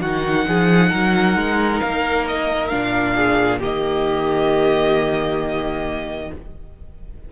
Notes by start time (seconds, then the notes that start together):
0.00 D#3 D#4 F#4 F#5
0.47 F3 G#4
0.90 F#3 A#4
1.36 G#3
1.80 A#3 F5
2.27 D#5
2.68 A#2 D4 F5
3.16 G#4
3.60 D#3 A#3 G4 D#5